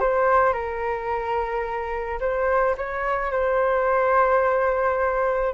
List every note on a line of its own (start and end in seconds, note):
0.00 0.53 C5
0.53 2.19 A#4
2.20 2.76 C5
2.77 3.31 C#5
3.31 5.53 C5